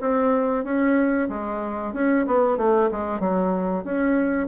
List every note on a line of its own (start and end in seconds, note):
0.00 0.64 C4
0.64 1.28 C#4
1.28 1.93 G#3
1.93 2.25 C#4
2.26 2.57 B3
2.57 2.89 A3
2.91 3.19 G#3
3.19 3.84 F#3
3.84 4.47 C#4